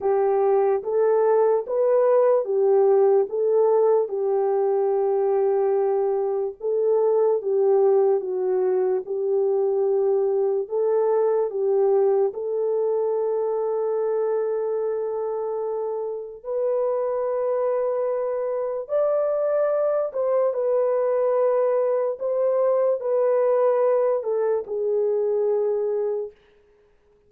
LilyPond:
\new Staff \with { instrumentName = "horn" } { \time 4/4 \tempo 4 = 73 g'4 a'4 b'4 g'4 | a'4 g'2. | a'4 g'4 fis'4 g'4~ | g'4 a'4 g'4 a'4~ |
a'1 | b'2. d''4~ | d''8 c''8 b'2 c''4 | b'4. a'8 gis'2 | }